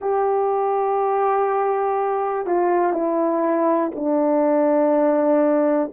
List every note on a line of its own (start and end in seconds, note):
0.00 2.46 G4
2.46 2.92 F4
2.92 3.91 E4
3.95 5.92 D4